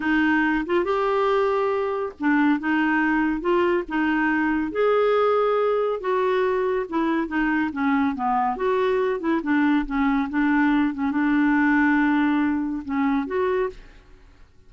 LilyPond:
\new Staff \with { instrumentName = "clarinet" } { \time 4/4 \tempo 4 = 140 dis'4. f'8 g'2~ | g'4 d'4 dis'2 | f'4 dis'2 gis'4~ | gis'2 fis'2 |
e'4 dis'4 cis'4 b4 | fis'4. e'8 d'4 cis'4 | d'4. cis'8 d'2~ | d'2 cis'4 fis'4 | }